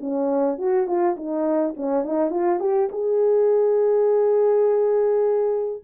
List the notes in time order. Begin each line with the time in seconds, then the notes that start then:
0.00 C#4
0.58 F#4
0.87 F4
1.16 D#4
1.76 C#4
2.03 D#4
2.30 F4
2.60 G4
2.92 G#4